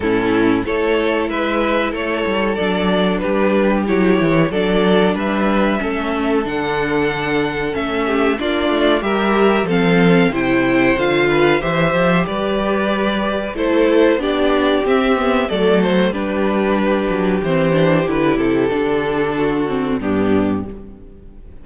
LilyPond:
<<
  \new Staff \with { instrumentName = "violin" } { \time 4/4 \tempo 4 = 93 a'4 cis''4 e''4 cis''4 | d''4 b'4 cis''4 d''4 | e''2 fis''2 | e''4 d''4 e''4 f''4 |
g''4 f''4 e''4 d''4~ | d''4 c''4 d''4 e''4 | d''8 c''8 b'2 c''4 | b'8 a'2~ a'8 g'4 | }
  \new Staff \with { instrumentName = "violin" } { \time 4/4 e'4 a'4 b'4 a'4~ | a'4 g'2 a'4 | b'4 a'2.~ | a'8 g'8 f'4 ais'4 a'4 |
c''4. b'8 c''4 b'4~ | b'4 a'4 g'2 | a'4 g'2.~ | g'2 fis'4 d'4 | }
  \new Staff \with { instrumentName = "viola" } { \time 4/4 cis'4 e'2. | d'2 e'4 d'4~ | d'4 cis'4 d'2 | cis'4 d'4 g'4 c'4 |
e'4 f'4 g'2~ | g'4 e'4 d'4 c'8 b8 | a4 d'2 c'8 d'8 | e'4 d'4. c'8 b4 | }
  \new Staff \with { instrumentName = "cello" } { \time 4/4 a,4 a4 gis4 a8 g8 | fis4 g4 fis8 e8 fis4 | g4 a4 d2 | a4 ais8 a8 g4 f4 |
c4 d4 e8 f8 g4~ | g4 a4 b4 c'4 | fis4 g4. fis8 e4 | d8 c8 d2 g,4 | }
>>